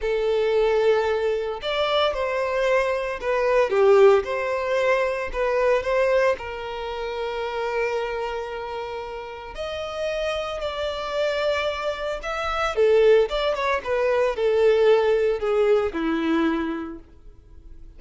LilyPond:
\new Staff \with { instrumentName = "violin" } { \time 4/4 \tempo 4 = 113 a'2. d''4 | c''2 b'4 g'4 | c''2 b'4 c''4 | ais'1~ |
ais'2 dis''2 | d''2. e''4 | a'4 d''8 cis''8 b'4 a'4~ | a'4 gis'4 e'2 | }